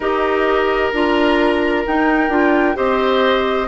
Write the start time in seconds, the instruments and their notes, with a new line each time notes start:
0.00 bassoon D#4, clarinet G4, oboe A#4, flute D#5
0.90 bassoon D4, clarinet F4, flute A#5
1.87 bassoon D#4, clarinet D#4, flute G5
2.28 bassoon D4, clarinet F4
2.74 bassoon C4, clarinet G4, oboe C5, flute D#5